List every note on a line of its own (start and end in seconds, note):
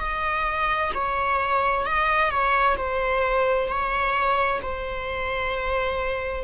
0.00 0.92 D#5
0.95 1.86 C#5
1.86 2.31 D#5
2.31 2.77 C#5
2.77 3.68 C5
3.68 4.61 C#5
4.62 6.44 C5